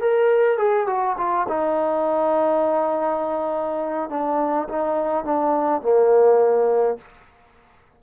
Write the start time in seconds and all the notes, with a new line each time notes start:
0.00 A#4
0.57 G#4
0.87 F#4
1.17 F4
1.48 D#4
4.09 D4
4.68 D#4
5.24 D4
5.81 A#3